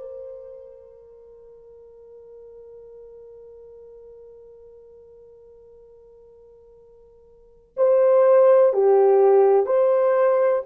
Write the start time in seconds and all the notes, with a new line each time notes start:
0.00 A#4
7.77 C5
8.73 G4
9.66 C5